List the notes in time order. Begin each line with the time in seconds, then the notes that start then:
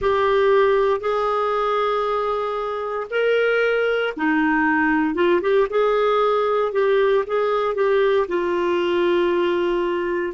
0.01 G4
1.00 G#4
3.10 A#4
4.17 D#4
5.14 F4
5.41 G4
5.69 G#4
6.72 G4
7.26 G#4
7.74 G4
8.28 F4